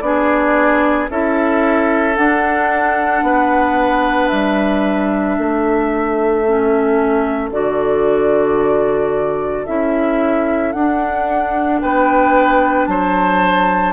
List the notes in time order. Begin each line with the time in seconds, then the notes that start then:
0.00 B3 D4 G#4 D5
1.10 C#4 E4 A4 E5
2.14 D4 F#5
3.23 B3 B4
4.28 G3 E5
5.38 A3 A4
6.46 C#4
7.51 D3 F#4 D5
9.66 C#4 E4 E5
10.72 D4 F#5
11.81 B3 B4 G5
12.86 F#3 C5 A5